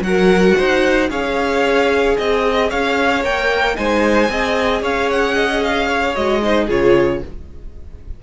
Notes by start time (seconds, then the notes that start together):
0.00 F#3 F#4 F#5
0.06 A#4
0.56 D#4 C5
1.09 C#4 G#4 C#5 F5
2.17 C4 D#5
2.69 C#4 C#5 F5
3.22 A#3 A#4 G5
3.75 G#3 D#4 C5 G#5
4.29 C4 G#4 D#5
4.81 C#4 C#5 F5
5.10 F#5
5.34 D#5
5.63 F5
5.87 C#5
6.15 G#3 F#4 D#5
6.42 D#4 C5
6.66 C#3 F4 G#4 C#5